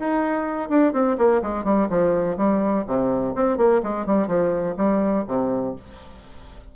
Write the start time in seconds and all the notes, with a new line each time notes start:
0.00 D#4
0.70 D4
0.93 C4
1.18 A#3
1.43 G#3
1.65 G3
1.90 F3
2.37 G3
2.87 C3
3.35 C4
3.58 A#3
3.83 G#3
4.06 G3
4.28 F3
4.77 G3
5.28 C3